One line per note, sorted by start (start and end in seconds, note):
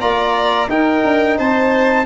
0.00 0.68 A#3
0.00 0.68 F4
0.00 0.68 D5
0.00 0.68 A#5
0.68 1.02 D#4
0.68 2.05 D#4
0.68 1.37 A#4
0.68 1.38 G5
1.04 1.38 D4
1.37 2.05 C4
1.37 2.05 C5
1.37 2.05 A5